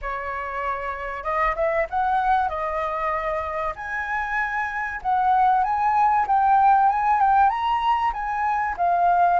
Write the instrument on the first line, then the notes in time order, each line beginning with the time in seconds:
flute
0.01 C#5
1.23 D#5
1.55 E5
1.89 F#5
2.48 D#5
3.75 G#5
5.02 F#5
5.63 G#5
6.27 G5
6.89 G#5
7.20 G5
7.49 A#5
8.12 G#5
8.77 F5